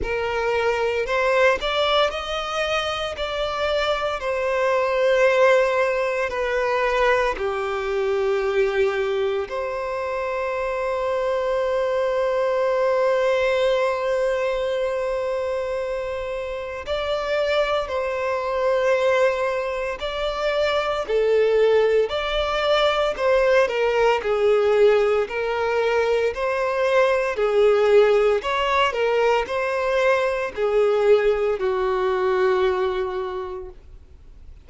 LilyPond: \new Staff \with { instrumentName = "violin" } { \time 4/4 \tempo 4 = 57 ais'4 c''8 d''8 dis''4 d''4 | c''2 b'4 g'4~ | g'4 c''2.~ | c''1 |
d''4 c''2 d''4 | a'4 d''4 c''8 ais'8 gis'4 | ais'4 c''4 gis'4 cis''8 ais'8 | c''4 gis'4 fis'2 | }